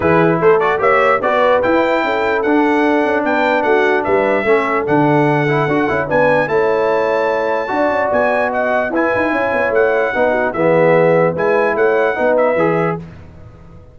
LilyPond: <<
  \new Staff \with { instrumentName = "trumpet" } { \time 4/4 \tempo 4 = 148 b'4 c''8 d''8 e''4 d''4 | g''2 fis''2 | g''4 fis''4 e''2 | fis''2. gis''4 |
a''1 | gis''4 fis''4 gis''2 | fis''2 e''2 | gis''4 fis''4. e''4. | }
  \new Staff \with { instrumentName = "horn" } { \time 4/4 gis'4 a'4 cis''4 b'4~ | b'4 a'2. | b'4 fis'4 b'4 a'4~ | a'2. b'4 |
cis''2. d''4~ | d''4 dis''4 b'4 cis''4~ | cis''4 b'8 fis'8 gis'2 | b'4 cis''4 b'2 | }
  \new Staff \with { instrumentName = "trombone" } { \time 4/4 e'4. fis'8 g'4 fis'4 | e'2 d'2~ | d'2. cis'4 | d'4. e'8 fis'8 e'8 d'4 |
e'2. fis'4~ | fis'2 e'2~ | e'4 dis'4 b2 | e'2 dis'4 gis'4 | }
  \new Staff \with { instrumentName = "tuba" } { \time 4/4 e4 a4 ais4 b4 | e'4 cis'4 d'4. cis'8 | b4 a4 g4 a4 | d2 d'8 cis'8 b4 |
a2. d'8 cis'8 | b2 e'8 dis'8 cis'8 b8 | a4 b4 e2 | gis4 a4 b4 e4 | }
>>